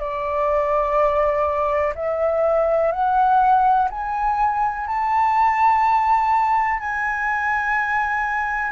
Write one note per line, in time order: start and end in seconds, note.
0.00 1.94 D5
1.95 2.92 E5
2.92 3.89 F#5
3.91 4.87 G#5
4.87 6.80 A5
6.80 8.72 G#5